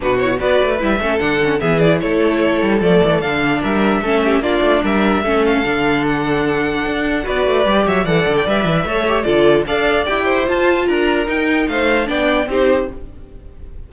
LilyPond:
<<
  \new Staff \with { instrumentName = "violin" } { \time 4/4 \tempo 4 = 149 b'8 cis''8 d''4 e''4 fis''4 | e''8 d''8 cis''2 d''4 | f''4 e''2 d''4 | e''4. f''4. fis''4~ |
fis''2 d''4. e''8 | fis''8. g''16 e''2 d''4 | f''4 g''4 a''4 ais''4 | g''4 f''4 g''4 c''4 | }
  \new Staff \with { instrumentName = "violin" } { \time 4/4 fis'4 b'4. a'4. | gis'4 a'2.~ | a'4 ais'4 a'8 g'8 f'4 | ais'4 a'2.~ |
a'2 b'4. cis''8 | d''2 cis''4 a'4 | d''4. c''4. ais'4~ | ais'4 c''4 d''4 g'4 | }
  \new Staff \with { instrumentName = "viola" } { \time 4/4 d'8 e'8 fis'4 e'8 cis'8 d'8 cis'8 | b8 e'2~ e'8 a4 | d'2 cis'4 d'4~ | d'4 cis'4 d'2~ |
d'2 fis'4 g'4 | a'4 b'4 a'8 g'8 f'4 | a'4 g'4 f'2 | dis'2 d'4 dis'4 | }
  \new Staff \with { instrumentName = "cello" } { \time 4/4 b,4 b8 a8 g8 a8 d4 | e4 a4. g8 f8 e8 | d4 g4 a4 ais8 a8 | g4 a4 d2~ |
d4 d'4 b8 a8 g8 fis8 | e8 d8 g8 e8 a4 d4 | d'4 e'4 f'4 d'4 | dis'4 a4 b4 c'4 | }
>>